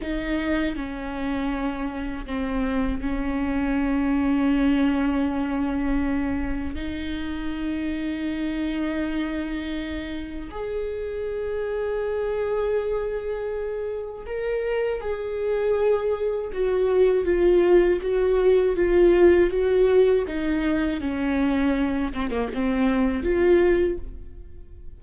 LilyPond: \new Staff \with { instrumentName = "viola" } { \time 4/4 \tempo 4 = 80 dis'4 cis'2 c'4 | cis'1~ | cis'4 dis'2.~ | dis'2 gis'2~ |
gis'2. ais'4 | gis'2 fis'4 f'4 | fis'4 f'4 fis'4 dis'4 | cis'4. c'16 ais16 c'4 f'4 | }